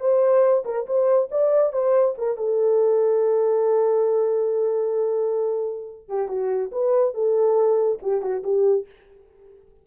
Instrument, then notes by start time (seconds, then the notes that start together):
horn
0.00 C5
0.65 A#4
0.86 C5
1.31 D5
1.72 C5
2.18 A#4
2.37 A4
6.09 G4
6.28 F#4
6.72 B4
7.14 A4
8.02 G4
8.22 F#4
8.43 G4